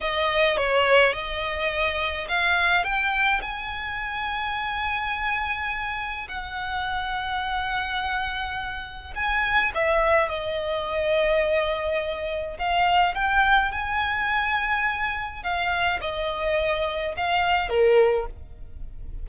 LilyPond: \new Staff \with { instrumentName = "violin" } { \time 4/4 \tempo 4 = 105 dis''4 cis''4 dis''2 | f''4 g''4 gis''2~ | gis''2. fis''4~ | fis''1 |
gis''4 e''4 dis''2~ | dis''2 f''4 g''4 | gis''2. f''4 | dis''2 f''4 ais'4 | }